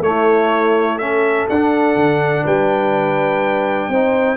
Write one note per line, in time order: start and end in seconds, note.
0.00 1.45 A3
0.00 1.00 A3
0.00 0.98 C#5
0.06 1.01 E4
0.98 1.49 C#4
0.98 2.43 A4
0.98 1.47 E5
1.49 1.96 D4
1.49 3.93 D4
1.49 2.46 F#5
1.96 2.44 D3
2.43 3.89 G3
2.43 3.89 B4
2.43 4.37 G5
3.89 4.37 C4
3.89 4.37 D#4
3.89 4.37 C5